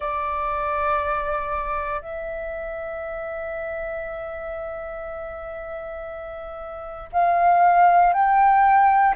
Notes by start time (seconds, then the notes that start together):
0.00 D5
2.01 E5
7.12 F5
8.13 G5